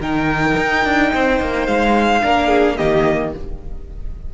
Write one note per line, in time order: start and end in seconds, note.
0.00 0.57 D#3
0.00 2.22 D#4
0.00 1.11 A#4
0.00 1.67 G5
0.58 0.85 D#4
0.85 1.13 D4
1.14 1.41 C4
1.14 2.23 C5
1.41 1.67 A#3
1.67 2.23 G#3
1.67 2.77 F5
2.22 2.79 A#3
2.22 2.78 D4
2.22 2.48 A#4
2.48 2.76 G#4
2.77 3.35 D#3
2.77 3.33 A#3
2.77 3.33 G4
2.77 3.33 D#5